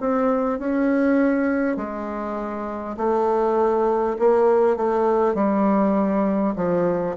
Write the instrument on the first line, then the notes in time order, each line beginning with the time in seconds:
bassoon
0.00 C4
0.59 C#4
1.76 G#3
2.97 A3
4.19 A#3
4.76 A3
5.35 G3
6.56 F3